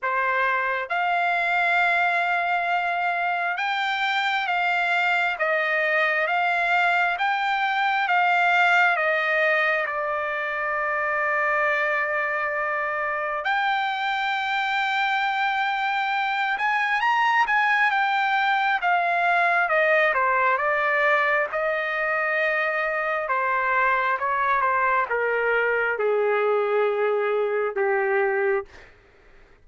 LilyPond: \new Staff \with { instrumentName = "trumpet" } { \time 4/4 \tempo 4 = 67 c''4 f''2. | g''4 f''4 dis''4 f''4 | g''4 f''4 dis''4 d''4~ | d''2. g''4~ |
g''2~ g''8 gis''8 ais''8 gis''8 | g''4 f''4 dis''8 c''8 d''4 | dis''2 c''4 cis''8 c''8 | ais'4 gis'2 g'4 | }